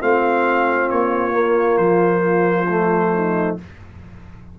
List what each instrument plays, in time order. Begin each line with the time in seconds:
0.00 tuba A3, trombone C4, horn F4, trumpet F5
0.90 tuba A#3, trumpet C#5
1.32 trombone A#3
1.77 tuba F3, trumpet C5
2.68 trombone A3
3.14 horn D#4